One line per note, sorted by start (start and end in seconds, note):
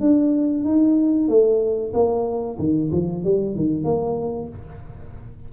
0.00 0.64 D4
0.64 1.28 D#4
1.28 1.92 A3
1.93 2.57 A#3
2.58 2.91 D#3
2.91 3.24 F3
3.24 3.55 G3
3.55 3.84 D#3
3.84 4.48 A#3